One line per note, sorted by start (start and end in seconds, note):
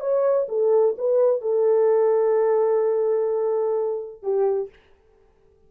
0.00 0.47 C#5
0.49 0.95 A4
0.98 1.41 B4
1.41 4.22 A4
4.22 4.69 G4